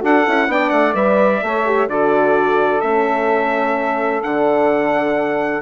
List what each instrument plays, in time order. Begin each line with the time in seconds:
0.00 bassoon D4, horn F#4, saxophone A4, trumpet F#5
0.27 bassoon C#4, horn E4
0.47 bassoon B3, horn D4, saxophone D5, trumpet G5
0.69 bassoon A3, trumpet F#5
0.93 bassoon G3, horn B4, trumpet E5
1.43 bassoon A3, horn A4, saxophone C#5
1.65 horn G4
1.88 bassoon D3, horn F#4, saxophone A4, trumpet D5
2.81 bassoon A3, horn C#4, trumpet E5
4.23 bassoon D3, horn D4, trumpet F#5